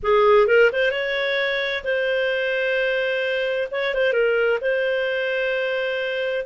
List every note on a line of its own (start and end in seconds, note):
0.02 0.47 G#4
0.47 0.70 A#4
0.72 0.91 C5
0.91 1.83 C#5
1.83 3.68 C5
3.71 3.94 C#5
3.94 4.12 C5
4.12 4.58 A#4
4.61 6.45 C5